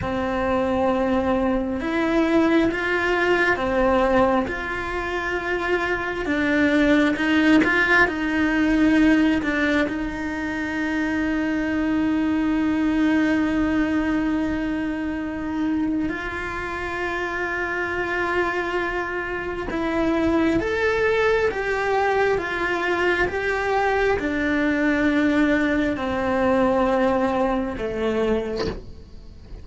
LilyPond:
\new Staff \with { instrumentName = "cello" } { \time 4/4 \tempo 4 = 67 c'2 e'4 f'4 | c'4 f'2 d'4 | dis'8 f'8 dis'4. d'8 dis'4~ | dis'1~ |
dis'2 f'2~ | f'2 e'4 a'4 | g'4 f'4 g'4 d'4~ | d'4 c'2 a4 | }